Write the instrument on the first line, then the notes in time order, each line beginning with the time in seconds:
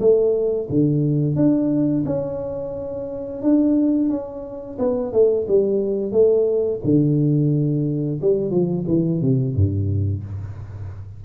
tuba
0.00 A3
0.70 D3
1.36 D4
2.06 C#4
3.43 D4
4.10 C#4
4.79 B3
5.13 A3
5.48 G3
6.12 A3
6.85 D3
8.22 G3
8.51 F3
8.88 E3
9.22 C3
9.56 G2